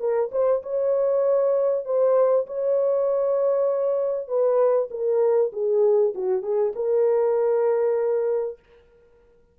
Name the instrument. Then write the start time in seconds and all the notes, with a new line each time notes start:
horn
0.00 A#4
0.32 C5
0.63 C#5
1.85 C5
2.47 C#5
4.28 B4
4.91 A#4
5.53 G#4
6.15 F#4
6.43 G#4
6.76 A#4